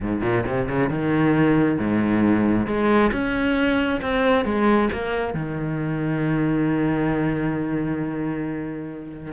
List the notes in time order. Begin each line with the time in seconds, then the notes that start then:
0.00 G#2
0.21 A#2
0.46 C3
0.68 C#3
0.89 D#3
1.78 G#2
2.66 G#3
3.12 C#4
4.01 C4
4.44 G#3
4.92 A#3
5.34 D#3